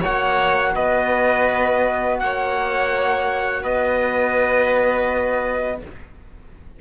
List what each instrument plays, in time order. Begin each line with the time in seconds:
0.00 trombone F#4, violin C#5, trumpet F#5
0.07 cello A#3
0.75 cello B3, violin B4, trumpet D#5
2.20 cello A#3, violin C#5, trumpet F#5
3.63 cello B3, violin B4, trumpet D#5